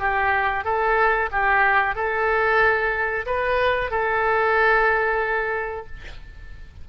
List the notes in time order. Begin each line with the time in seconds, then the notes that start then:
0.00 G4
0.65 A4
1.32 G4
1.96 A4
3.27 B4
3.91 A4